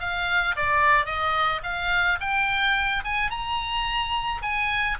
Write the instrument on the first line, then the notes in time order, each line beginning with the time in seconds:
oboe
0.00 F5
0.56 D5
1.06 D#5
1.63 F5
2.20 G5
3.05 G#5
3.30 A#5
4.42 G#5